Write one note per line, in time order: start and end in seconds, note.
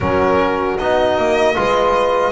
0.00 0.78 F#3
0.00 0.78 C#4
0.00 1.56 F#4
0.00 0.78 A#4
0.78 1.17 B3
0.78 1.54 D#4
0.78 2.32 D#5
1.17 1.56 A#3
1.54 2.32 G#3
1.54 2.32 F4
1.54 2.32 B4